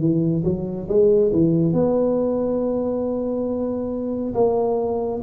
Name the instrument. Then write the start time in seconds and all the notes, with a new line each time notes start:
tuba
0.00 E3
0.44 F#3
0.89 G#3
1.32 E3
1.73 B3
4.34 A#3